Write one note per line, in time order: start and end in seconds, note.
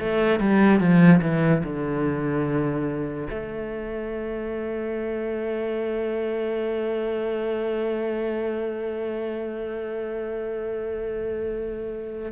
0.00 0.40 A3
0.40 0.80 G3
0.80 1.21 F3
1.22 1.63 E3
1.64 3.28 D3
3.30 12.32 A3